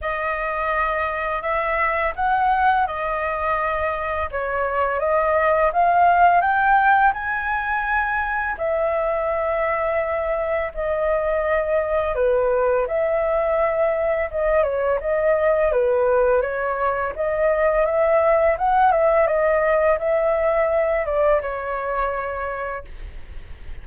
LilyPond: \new Staff \with { instrumentName = "flute" } { \time 4/4 \tempo 4 = 84 dis''2 e''4 fis''4 | dis''2 cis''4 dis''4 | f''4 g''4 gis''2 | e''2. dis''4~ |
dis''4 b'4 e''2 | dis''8 cis''8 dis''4 b'4 cis''4 | dis''4 e''4 fis''8 e''8 dis''4 | e''4. d''8 cis''2 | }